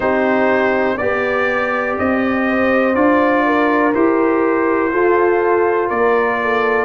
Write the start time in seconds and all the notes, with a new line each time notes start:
0.00 C4 D#4 G4 C5
0.97 B3 G4 D5
1.98 C4 D#5
2.49 C5
2.94 D4 F4 D5
3.45 A#4
3.93 E4 G4 C5
4.92 F4 A4
5.88 A#3 A#4 D5
6.42 A4